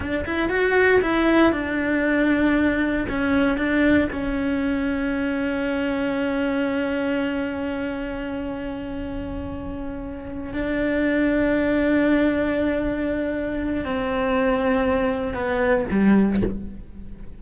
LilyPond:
\new Staff \with { instrumentName = "cello" } { \time 4/4 \tempo 4 = 117 d'8 e'8 fis'4 e'4 d'4~ | d'2 cis'4 d'4 | cis'1~ | cis'1~ |
cis'1~ | cis'8 d'2.~ d'8~ | d'2. c'4~ | c'2 b4 g4 | }